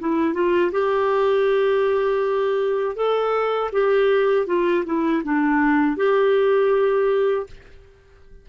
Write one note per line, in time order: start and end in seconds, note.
0.00 0.34 E4
0.34 0.72 F4
0.72 2.96 G4
2.96 3.71 A4
3.73 4.47 G4
4.47 4.84 F4
4.85 5.23 E4
5.24 5.97 D4
5.97 7.47 G4